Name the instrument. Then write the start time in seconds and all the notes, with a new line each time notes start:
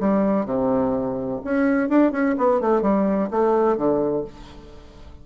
bassoon
0.00 G3
0.46 C3
1.44 C#4
1.89 D4
2.12 C#4
2.38 B3
2.61 A3
2.82 G3
3.31 A3
3.77 D3